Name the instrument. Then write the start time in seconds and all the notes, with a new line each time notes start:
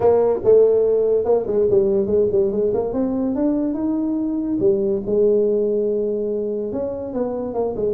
tuba
0.00 A#3
0.43 A3
1.24 A#3
1.46 G#3
1.70 G3
2.06 G#3
2.31 G3
2.51 G#3
2.74 A#3
2.93 C4
3.35 D4
3.74 D#4
4.60 G3
5.06 G#3
6.72 C#4
7.13 B3
7.53 A#3
7.75 G#3